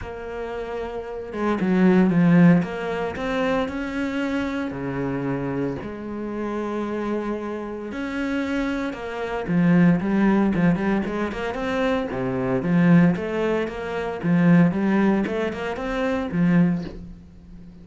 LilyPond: \new Staff \with { instrumentName = "cello" } { \time 4/4 \tempo 4 = 114 ais2~ ais8 gis8 fis4 | f4 ais4 c'4 cis'4~ | cis'4 cis2 gis4~ | gis2. cis'4~ |
cis'4 ais4 f4 g4 | f8 g8 gis8 ais8 c'4 c4 | f4 a4 ais4 f4 | g4 a8 ais8 c'4 f4 | }